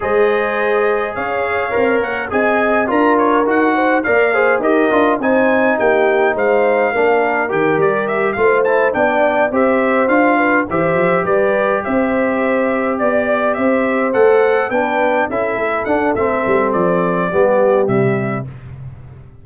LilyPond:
<<
  \new Staff \with { instrumentName = "trumpet" } { \time 4/4 \tempo 4 = 104 dis''2 f''4. fis''8 | gis''4 ais''8 cis''8 fis''4 f''4 | dis''4 gis''4 g''4 f''4~ | f''4 g''8 d''8 e''8 f''8 a''8 g''8~ |
g''8 e''4 f''4 e''4 d''8~ | d''8 e''2 d''4 e''8~ | e''8 fis''4 g''4 e''4 fis''8 | e''4 d''2 e''4 | }
  \new Staff \with { instrumentName = "horn" } { \time 4/4 c''2 cis''2 | dis''4 ais'4. c''8 d''8 c''8 | ais'4 c''4 g'4 c''4 | ais'2~ ais'8 c''4 d''8~ |
d''8 c''4. b'8 c''4 b'8~ | b'8 c''2 d''4 c''8~ | c''4. b'4 a'4.~ | a'2 g'2 | }
  \new Staff \with { instrumentName = "trombone" } { \time 4/4 gis'2. ais'4 | gis'4 f'4 fis'4 ais'8 gis'8 | g'8 f'8 dis'2. | d'4 g'4. f'8 e'8 d'8~ |
d'8 g'4 f'4 g'4.~ | g'1~ | g'8 a'4 d'4 e'4 d'8 | c'2 b4 g4 | }
  \new Staff \with { instrumentName = "tuba" } { \time 4/4 gis2 cis'4 c'8 ais8 | c'4 d'4 dis'4 ais4 | dis'8 d'8 c'4 ais4 gis4 | ais4 dis8 g4 a4 b8~ |
b8 c'4 d'4 e8 f8 g8~ | g8 c'2 b4 c'8~ | c'8 a4 b4 cis'8 a8 d'8 | a8 g8 f4 g4 c4 | }
>>